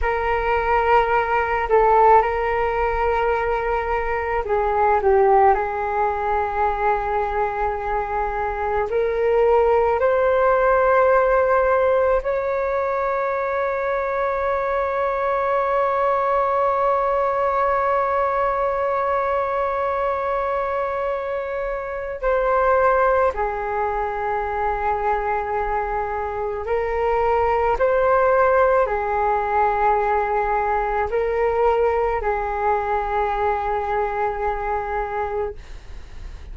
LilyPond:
\new Staff \with { instrumentName = "flute" } { \time 4/4 \tempo 4 = 54 ais'4. a'8 ais'2 | gis'8 g'8 gis'2. | ais'4 c''2 cis''4~ | cis''1~ |
cis''1 | c''4 gis'2. | ais'4 c''4 gis'2 | ais'4 gis'2. | }